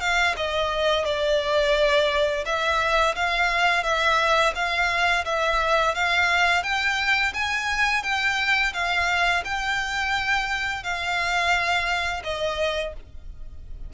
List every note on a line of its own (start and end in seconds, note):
0.00 0.35 F5
0.36 1.05 D#5
1.05 2.44 D5
2.45 3.15 E5
3.15 3.83 F5
3.83 4.53 E5
4.54 5.24 F5
5.25 5.94 E5
5.94 6.63 F5
6.63 7.33 G5
7.34 8.03 G#5
8.03 8.73 G5
8.73 9.43 F5
9.44 10.83 G5
10.83 12.23 F5
12.23 12.93 D#5